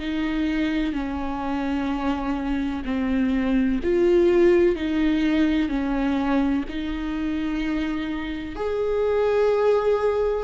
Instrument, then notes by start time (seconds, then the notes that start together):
viola
0.00 D#4
0.94 C#4
2.85 C4
3.84 F4
4.76 D#4
5.69 C#4
6.69 D#4
8.56 G#4